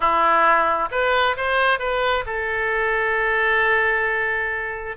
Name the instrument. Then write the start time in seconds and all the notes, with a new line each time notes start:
oboe
0.00 E4
0.91 B4
1.37 C5
1.79 B4
2.26 A4